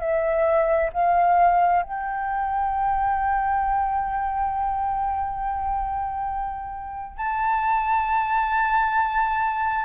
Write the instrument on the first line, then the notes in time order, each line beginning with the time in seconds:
flute
0.00 E5
0.93 F5
1.82 G5
7.17 A5